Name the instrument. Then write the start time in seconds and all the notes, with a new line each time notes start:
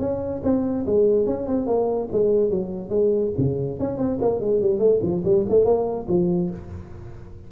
tuba
0.00 C#4
0.44 C4
0.87 G#3
1.27 C#4
1.47 C4
1.67 A#3
2.13 G#3
2.51 F#3
2.90 G#3
3.38 C#3
3.80 C#4
3.98 C4
4.22 A#3
4.41 G#3
4.62 G3
4.80 A3
5.03 F3
5.25 G3
5.49 A3
5.65 A#3
6.09 F3